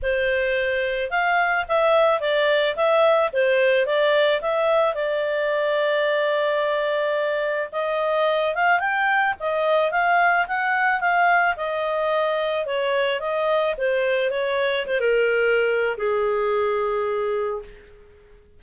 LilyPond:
\new Staff \with { instrumentName = "clarinet" } { \time 4/4 \tempo 4 = 109 c''2 f''4 e''4 | d''4 e''4 c''4 d''4 | e''4 d''2.~ | d''2 dis''4. f''8 |
g''4 dis''4 f''4 fis''4 | f''4 dis''2 cis''4 | dis''4 c''4 cis''4 c''16 ais'8.~ | ais'4 gis'2. | }